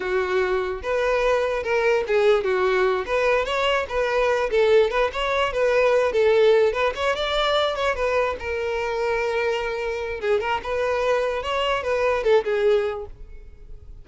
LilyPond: \new Staff \with { instrumentName = "violin" } { \time 4/4 \tempo 4 = 147 fis'2 b'2 | ais'4 gis'4 fis'4. b'8~ | b'8 cis''4 b'4. a'4 | b'8 cis''4 b'4. a'4~ |
a'8 b'8 cis''8 d''4. cis''8 b'8~ | b'8 ais'2.~ ais'8~ | ais'4 gis'8 ais'8 b'2 | cis''4 b'4 a'8 gis'4. | }